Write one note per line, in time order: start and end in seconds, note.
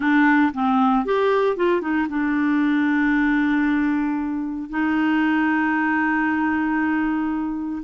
0.00 0.51 D4
0.53 1.05 C4
1.05 1.56 G4
1.56 1.81 F4
1.81 2.07 D#4
2.09 4.69 D4
4.69 7.82 D#4